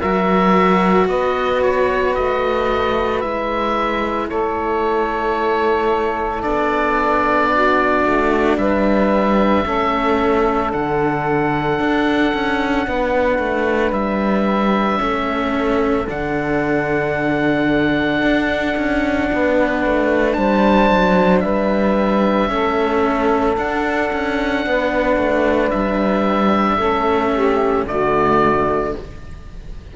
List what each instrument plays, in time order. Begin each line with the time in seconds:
0.00 cello F#3 F#4, saxophone A#4, oboe E5
1.07 cello B3, saxophone B4, oboe D#5
1.62 oboe C#5
2.15 cello A3, oboe D#5
3.21 cello G#3 E4, oboe E5
4.29 cello A3, saxophone A4, oboe C#5
6.43 cello B3 D4, oboe D5
7.53 saxophone F#4
8.06 cello A3
8.58 cello G3, saxophone B4, oboe E5
9.65 cello A3 C#4, saxophone A4
10.72 cello D3 D4, oboe F#5
11.80 cello D4
12.34 cello C#4
12.87 cello B3, saxophone B4
13.39 cello A3
13.92 cello G3, oboe E5
14.99 cello A3 C#4, saxophone A4
16.08 cello D3 D4, oboe F#5
18.22 cello D4
18.77 cello C#4
19.33 cello B3, saxophone B4
19.86 cello A3
20.33 cello G3, saxophone C5, oboe A5
20.91 cello F#3
21.40 cello G3, saxophone B4, oboe E5
22.49 cello A3 C#4, saxophone A4
23.58 cello D4, oboe F#5
24.13 cello C#4
24.67 cello B3, saxophone B4
25.17 cello A3
25.71 cello G3, oboe E5
26.77 cello A3 C#4, saxophone A4
27.33 saxophone G4
27.87 cello D3 A3, saxophone F#4, oboe D5